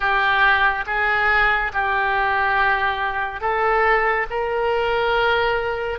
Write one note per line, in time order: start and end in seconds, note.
0.00 0.84 G4
0.86 1.71 G#4
1.73 3.41 G4
3.41 4.26 A4
4.29 5.99 A#4